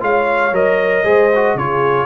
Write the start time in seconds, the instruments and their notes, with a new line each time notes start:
0.00 tuba G#3, trombone F4, horn C#5, trumpet F5
0.52 tuba F#3, trombone A#4, trumpet D#5
1.04 tuba G#3, trombone G#4, horn C5
1.35 trombone F#4
1.55 tuba C#3, trombone F4, horn G#4, trumpet C#5